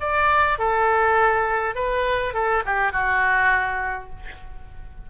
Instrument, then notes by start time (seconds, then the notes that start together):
oboe
0.00 D5
0.58 A4
1.75 B4
2.33 A4
2.65 G4
2.92 F#4